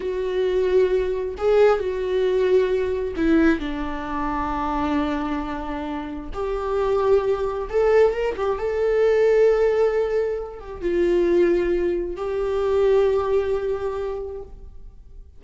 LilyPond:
\new Staff \with { instrumentName = "viola" } { \time 4/4 \tempo 4 = 133 fis'2. gis'4 | fis'2. e'4 | d'1~ | d'2 g'2~ |
g'4 a'4 ais'8 g'8 a'4~ | a'2.~ a'8 g'8 | f'2. g'4~ | g'1 | }